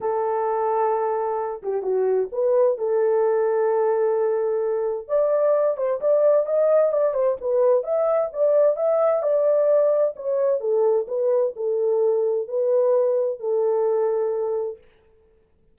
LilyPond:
\new Staff \with { instrumentName = "horn" } { \time 4/4 \tempo 4 = 130 a'2.~ a'8 g'8 | fis'4 b'4 a'2~ | a'2. d''4~ | d''8 c''8 d''4 dis''4 d''8 c''8 |
b'4 e''4 d''4 e''4 | d''2 cis''4 a'4 | b'4 a'2 b'4~ | b'4 a'2. | }